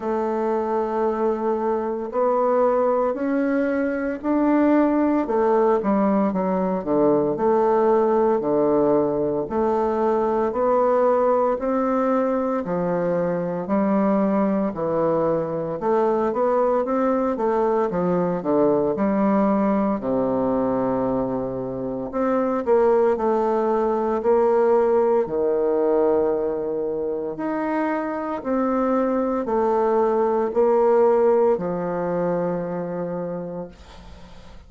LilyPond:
\new Staff \with { instrumentName = "bassoon" } { \time 4/4 \tempo 4 = 57 a2 b4 cis'4 | d'4 a8 g8 fis8 d8 a4 | d4 a4 b4 c'4 | f4 g4 e4 a8 b8 |
c'8 a8 f8 d8 g4 c4~ | c4 c'8 ais8 a4 ais4 | dis2 dis'4 c'4 | a4 ais4 f2 | }